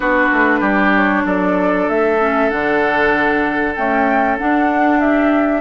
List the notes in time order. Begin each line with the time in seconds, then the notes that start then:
0.00 B3 D4 F#4 B4
0.33 A3
0.60 G3 G4
0.95 C#5
1.25 F#3 A4 D5
1.89 A3 E5
2.19 C#4
2.49 D3 D4 F#5
3.75 A3 C#4 G5
4.38 D4 F#5
4.99 G4 E5